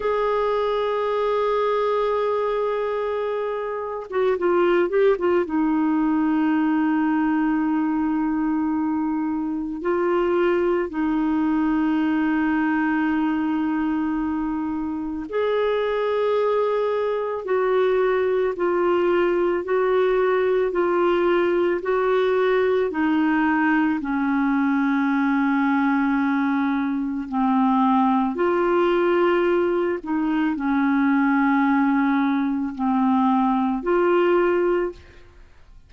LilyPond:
\new Staff \with { instrumentName = "clarinet" } { \time 4/4 \tempo 4 = 55 gis'2.~ gis'8. fis'16 | f'8 g'16 f'16 dis'2.~ | dis'4 f'4 dis'2~ | dis'2 gis'2 |
fis'4 f'4 fis'4 f'4 | fis'4 dis'4 cis'2~ | cis'4 c'4 f'4. dis'8 | cis'2 c'4 f'4 | }